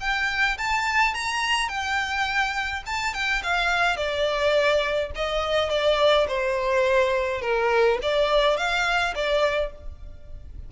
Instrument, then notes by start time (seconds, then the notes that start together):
violin
0.00 G5
0.58 A5
1.14 A#5
1.68 G5
2.86 A5
3.14 G5
3.43 F5
3.96 D5
5.15 D#5
5.70 D5
6.28 C5
7.41 A#4
8.02 D5
8.57 F5
9.15 D5